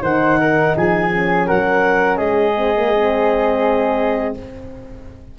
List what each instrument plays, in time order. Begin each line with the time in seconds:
0.00 tuba D#3, horn D#4, flute C5, clarinet F#5
0.39 flute A#4
0.76 tuba F3, flute G#4, clarinet G#5
1.08 horn C#4
1.46 tuba F#3, flute A#4, clarinet F#5
2.16 tuba G#3, flute G#4, clarinet D#5
2.56 horn C4
2.76 horn A#3
2.94 horn C4